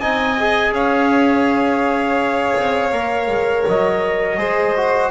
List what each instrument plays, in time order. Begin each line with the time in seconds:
0.00 double bass C4, trombone D#4, violin D#5, trumpet G#5
0.39 trombone G#4
0.71 double bass C#4, violin C#5, trumpet F5
2.57 double bass C4
2.91 double bass A#3, trombone A#4
3.27 double bass G#3
3.68 double bass F#3, trumpet D#5
4.37 double bass G#3, trombone G#4, violin C5
4.76 trombone F#4